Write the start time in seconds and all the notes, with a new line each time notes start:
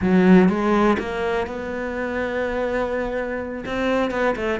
0.01 F#3
0.48 G#3
0.99 A#3
1.46 B3
3.65 C4
4.10 B3
4.35 A3